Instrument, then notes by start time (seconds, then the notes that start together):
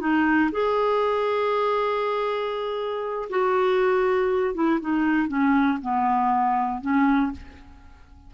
clarinet
0.00 D#4
0.52 G#4
3.30 F#4
4.55 E4
4.81 D#4
5.28 C#4
5.82 B3
6.81 C#4